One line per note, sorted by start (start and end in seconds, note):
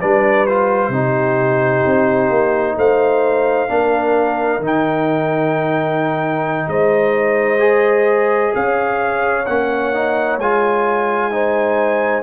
0.00 0.89 G3
0.00 0.48 D4
0.00 0.92 B4
0.00 0.47 D5
0.47 0.93 F4
0.47 2.77 C5
0.89 1.81 C3
0.89 3.69 D#4
0.95 2.77 G4
1.86 2.30 C4
2.30 2.76 A#3
2.77 3.69 A3
2.77 3.70 C5
2.77 4.64 F5
3.69 4.59 A#3
3.69 4.61 D4
3.69 6.69 A#4
4.59 6.67 D#3
4.59 7.59 D#4
4.66 6.69 G5
6.68 8.52 G#3
6.68 8.54 C5
6.68 8.54 D#5
7.59 9.44 G#4
8.55 9.47 C#4
8.55 11.33 C#5
8.55 9.46 F5
9.46 10.39 A#3
9.46 9.94 C#4
9.46 10.38 F#5
9.94 10.40 D#4
10.39 12.23 G#3
10.39 11.32 F4
10.39 12.23 G#5
11.32 12.23 D#4
11.32 12.23 C5